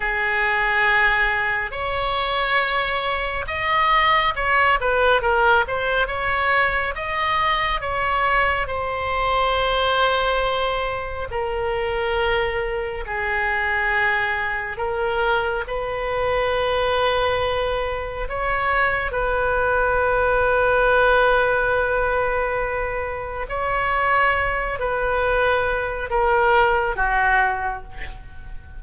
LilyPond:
\new Staff \with { instrumentName = "oboe" } { \time 4/4 \tempo 4 = 69 gis'2 cis''2 | dis''4 cis''8 b'8 ais'8 c''8 cis''4 | dis''4 cis''4 c''2~ | c''4 ais'2 gis'4~ |
gis'4 ais'4 b'2~ | b'4 cis''4 b'2~ | b'2. cis''4~ | cis''8 b'4. ais'4 fis'4 | }